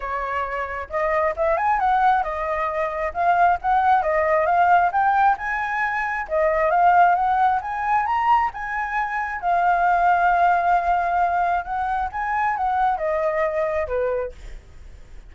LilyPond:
\new Staff \with { instrumentName = "flute" } { \time 4/4 \tempo 4 = 134 cis''2 dis''4 e''8 gis''8 | fis''4 dis''2 f''4 | fis''4 dis''4 f''4 g''4 | gis''2 dis''4 f''4 |
fis''4 gis''4 ais''4 gis''4~ | gis''4 f''2.~ | f''2 fis''4 gis''4 | fis''4 dis''2 b'4 | }